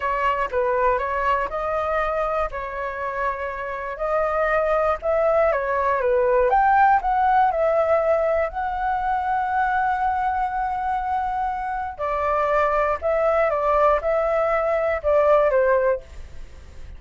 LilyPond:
\new Staff \with { instrumentName = "flute" } { \time 4/4 \tempo 4 = 120 cis''4 b'4 cis''4 dis''4~ | dis''4 cis''2. | dis''2 e''4 cis''4 | b'4 g''4 fis''4 e''4~ |
e''4 fis''2.~ | fis''1 | d''2 e''4 d''4 | e''2 d''4 c''4 | }